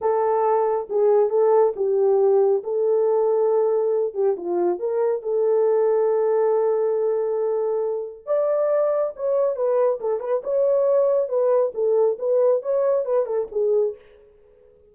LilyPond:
\new Staff \with { instrumentName = "horn" } { \time 4/4 \tempo 4 = 138 a'2 gis'4 a'4 | g'2 a'2~ | a'4. g'8 f'4 ais'4 | a'1~ |
a'2. d''4~ | d''4 cis''4 b'4 a'8 b'8 | cis''2 b'4 a'4 | b'4 cis''4 b'8 a'8 gis'4 | }